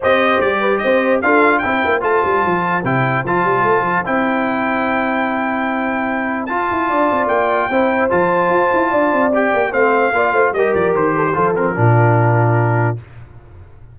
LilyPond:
<<
  \new Staff \with { instrumentName = "trumpet" } { \time 4/4 \tempo 4 = 148 dis''4 d''4 dis''4 f''4 | g''4 a''2 g''4 | a''2 g''2~ | g''1 |
a''2 g''2 | a''2. g''4 | f''2 dis''8 d''8 c''4~ | c''8 ais'2.~ ais'8 | }
  \new Staff \with { instrumentName = "horn" } { \time 4/4 c''4. b'8 c''4 a'4 | c''1~ | c''1~ | c''1~ |
c''4 d''2 c''4~ | c''2 d''2 | c''4 d''8 c''8 ais'4. a'16 g'16 | a'4 f'2. | }
  \new Staff \with { instrumentName = "trombone" } { \time 4/4 g'2. f'4 | e'4 f'2 e'4 | f'2 e'2~ | e'1 |
f'2. e'4 | f'2. g'4 | c'4 f'4 g'2 | f'8 c'8 d'2. | }
  \new Staff \with { instrumentName = "tuba" } { \time 4/4 c'4 g4 c'4 d'4 | c'8 ais8 a8 g8 f4 c4 | f8 g8 a8 f8 c'2~ | c'1 |
f'8 e'8 d'8 c'8 ais4 c'4 | f4 f'8 e'8 d'8 c'4 ais8 | a4 ais8 a8 g8 f8 dis4 | f4 ais,2. | }
>>